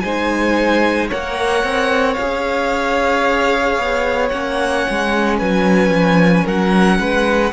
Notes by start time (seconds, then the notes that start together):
0.00 G#3 D#4 C5 G#5
1.08 A#3 A#4 C#5 F#5
1.63 C4
2.14 C#4 F5
2.21 G#4
3.78 B3
4.29 A#3 C#4 F#5
4.90 G#3
5.38 F#3 B4 G#5
5.89 F3
6.44 F#3 A#4 F#5
7.00 G#3 B4